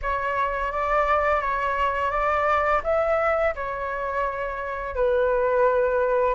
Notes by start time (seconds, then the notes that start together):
0.02 C#5
0.72 D5
1.41 C#5
2.10 D5
2.83 E5
3.55 C#5
4.95 B4